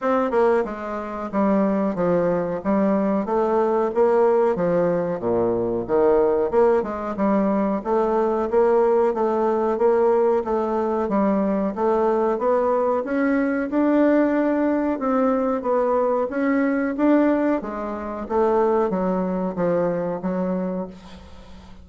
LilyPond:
\new Staff \with { instrumentName = "bassoon" } { \time 4/4 \tempo 4 = 92 c'8 ais8 gis4 g4 f4 | g4 a4 ais4 f4 | ais,4 dis4 ais8 gis8 g4 | a4 ais4 a4 ais4 |
a4 g4 a4 b4 | cis'4 d'2 c'4 | b4 cis'4 d'4 gis4 | a4 fis4 f4 fis4 | }